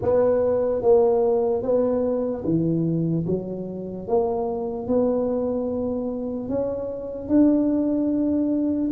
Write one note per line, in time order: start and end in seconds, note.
0.01 0.81 B3
0.81 1.62 A#3
1.62 2.43 B3
2.44 3.25 E3
3.26 4.07 F#3
4.07 4.87 A#3
4.87 6.48 B3
6.48 7.28 C#4
7.28 8.90 D4